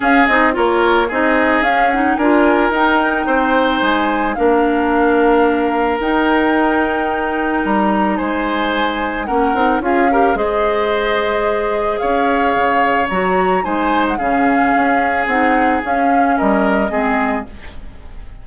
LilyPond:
<<
  \new Staff \with { instrumentName = "flute" } { \time 4/4 \tempo 4 = 110 f''8 dis''8 cis''4 dis''4 f''8 fis''8 | gis''4 g''2 gis''4 | f''2. g''4~ | g''2 ais''4 gis''4~ |
gis''4 fis''4 f''4 dis''4~ | dis''2 f''2 | ais''4 gis''8. fis''16 f''2 | fis''4 f''4 dis''2 | }
  \new Staff \with { instrumentName = "oboe" } { \time 4/4 gis'4 ais'4 gis'2 | ais'2 c''2 | ais'1~ | ais'2. c''4~ |
c''4 ais'4 gis'8 ais'8 c''4~ | c''2 cis''2~ | cis''4 c''4 gis'2~ | gis'2 ais'4 gis'4 | }
  \new Staff \with { instrumentName = "clarinet" } { \time 4/4 cis'8 dis'8 f'4 dis'4 cis'8 dis'8 | f'4 dis'2. | d'2. dis'4~ | dis'1~ |
dis'4 cis'8 dis'8 f'8 g'8 gis'4~ | gis'1 | fis'4 dis'4 cis'2 | dis'4 cis'2 c'4 | }
  \new Staff \with { instrumentName = "bassoon" } { \time 4/4 cis'8 c'8 ais4 c'4 cis'4 | d'4 dis'4 c'4 gis4 | ais2. dis'4~ | dis'2 g4 gis4~ |
gis4 ais8 c'8 cis'4 gis4~ | gis2 cis'4 cis4 | fis4 gis4 cis4 cis'4 | c'4 cis'4 g4 gis4 | }
>>